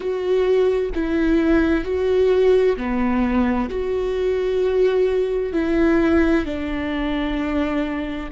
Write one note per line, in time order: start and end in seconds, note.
0.00 0.90 F#4
0.94 1.84 E4
1.84 2.76 F#4
2.77 3.69 B3
3.69 5.53 F#4
5.53 6.44 E4
6.44 8.29 D4